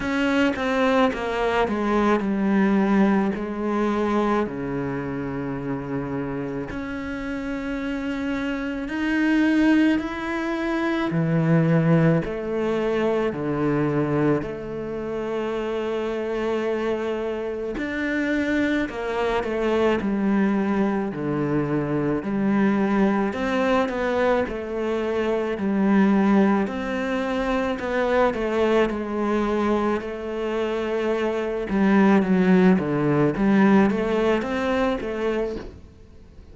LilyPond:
\new Staff \with { instrumentName = "cello" } { \time 4/4 \tempo 4 = 54 cis'8 c'8 ais8 gis8 g4 gis4 | cis2 cis'2 | dis'4 e'4 e4 a4 | d4 a2. |
d'4 ais8 a8 g4 d4 | g4 c'8 b8 a4 g4 | c'4 b8 a8 gis4 a4~ | a8 g8 fis8 d8 g8 a8 c'8 a8 | }